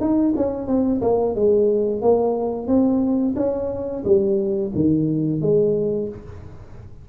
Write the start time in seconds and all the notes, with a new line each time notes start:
0.00 D#4
0.36 C#4
0.67 C4
1.01 A#3
1.35 G#3
2.01 A#3
2.67 C4
3.36 C#4
4.04 G3
4.74 D#3
5.41 G#3